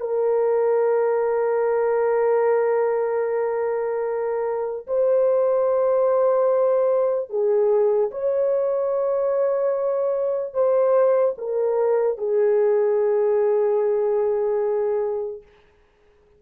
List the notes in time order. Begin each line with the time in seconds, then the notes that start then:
0.00 A#4
4.86 C5
7.29 G#4
8.10 C#5
10.54 C5
11.37 A#4
12.17 G#4